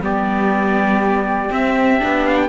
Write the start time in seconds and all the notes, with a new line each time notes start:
0.00 G3 B3 G4 D5
1.49 C4 E5
1.98 B3 D4
2.26 F5
2.36 G5